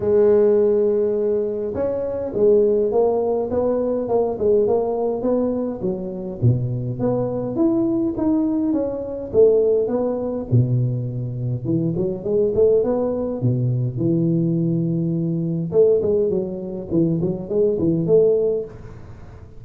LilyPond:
\new Staff \with { instrumentName = "tuba" } { \time 4/4 \tempo 4 = 103 gis2. cis'4 | gis4 ais4 b4 ais8 gis8 | ais4 b4 fis4 b,4 | b4 e'4 dis'4 cis'4 |
a4 b4 b,2 | e8 fis8 gis8 a8 b4 b,4 | e2. a8 gis8 | fis4 e8 fis8 gis8 e8 a4 | }